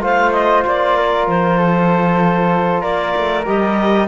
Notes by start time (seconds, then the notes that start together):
0.00 A3 F4 C5 F5
0.31 D#5
0.66 A#3 D5
0.97 A#4
1.26 F3 C5
1.57 A4
2.81 A#3 A#4 D5
3.16 A3
3.45 G3 G4 D#5